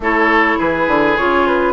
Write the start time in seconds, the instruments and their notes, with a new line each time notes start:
0.00 bassoon A3, clarinet E4, oboe A4, flute C#5
0.58 bassoon E3, oboe G#4, flute B4
0.87 bassoon D3
1.17 bassoon C#3, clarinet F4, flute C#5
1.46 flute B4